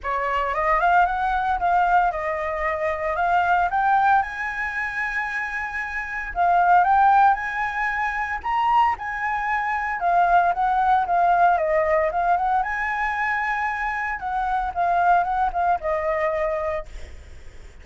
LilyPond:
\new Staff \with { instrumentName = "flute" } { \time 4/4 \tempo 4 = 114 cis''4 dis''8 f''8 fis''4 f''4 | dis''2 f''4 g''4 | gis''1 | f''4 g''4 gis''2 |
ais''4 gis''2 f''4 | fis''4 f''4 dis''4 f''8 fis''8 | gis''2. fis''4 | f''4 fis''8 f''8 dis''2 | }